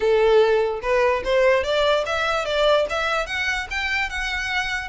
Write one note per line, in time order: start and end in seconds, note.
0.00 0.80 A4
0.82 1.22 B4
1.24 1.63 C5
1.63 2.04 D5
2.06 2.45 E5
2.45 2.86 D5
2.89 3.26 E5
3.26 3.67 F#5
3.70 4.09 G5
4.09 4.88 F#5